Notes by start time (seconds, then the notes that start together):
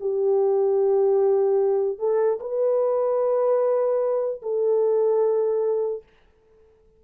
0.00 G4
1.98 A4
2.40 B4
4.42 A4